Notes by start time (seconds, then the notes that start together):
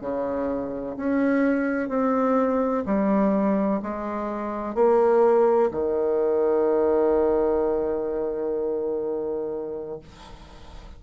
0.00 C#3
0.97 C#4
1.88 C4
2.85 G3
3.82 G#3
4.74 A#3
5.71 D#3